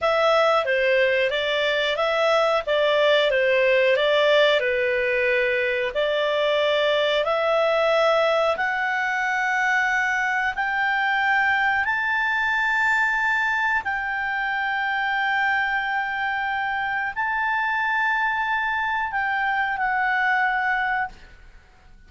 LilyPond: \new Staff \with { instrumentName = "clarinet" } { \time 4/4 \tempo 4 = 91 e''4 c''4 d''4 e''4 | d''4 c''4 d''4 b'4~ | b'4 d''2 e''4~ | e''4 fis''2. |
g''2 a''2~ | a''4 g''2.~ | g''2 a''2~ | a''4 g''4 fis''2 | }